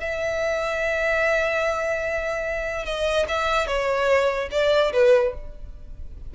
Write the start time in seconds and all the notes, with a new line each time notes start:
0.00 E5
2.85 D#5
3.28 E5
3.67 C#5
4.51 D5
4.92 B4